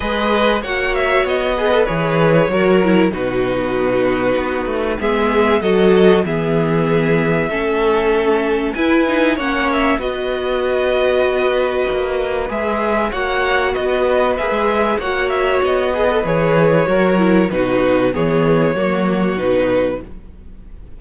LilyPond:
<<
  \new Staff \with { instrumentName = "violin" } { \time 4/4 \tempo 4 = 96 dis''4 fis''8 e''8 dis''4 cis''4~ | cis''4 b'2. | e''4 dis''4 e''2~ | e''2 gis''4 fis''8 e''8 |
dis''1 | e''4 fis''4 dis''4 e''4 | fis''8 e''8 dis''4 cis''2 | b'4 cis''2 b'4 | }
  \new Staff \with { instrumentName = "violin" } { \time 4/4 b'4 cis''4. b'4. | ais'4 fis'2. | gis'4 a'4 gis'2 | a'2 b'4 cis''4 |
b'1~ | b'4 cis''4 b'2 | cis''4. b'4. ais'4 | fis'4 gis'4 fis'2 | }
  \new Staff \with { instrumentName = "viola" } { \time 4/4 gis'4 fis'4. gis'16 a'16 gis'4 | fis'8 e'8 dis'2. | b4 fis'4 b2 | cis'2 e'8 dis'8 cis'4 |
fis'1 | gis'4 fis'2 gis'4 | fis'4. gis'16 a'16 gis'4 fis'8 e'8 | dis'4 b4 ais4 dis'4 | }
  \new Staff \with { instrumentName = "cello" } { \time 4/4 gis4 ais4 b4 e4 | fis4 b,2 b8 a8 | gis4 fis4 e2 | a2 e'4 ais4 |
b2. ais4 | gis4 ais4 b4 ais16 gis8. | ais4 b4 e4 fis4 | b,4 e4 fis4 b,4 | }
>>